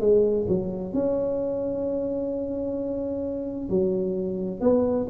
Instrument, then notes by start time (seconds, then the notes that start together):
tuba
0.00 G#3
0.48 F#3
0.93 C#4
3.69 F#3
4.60 B3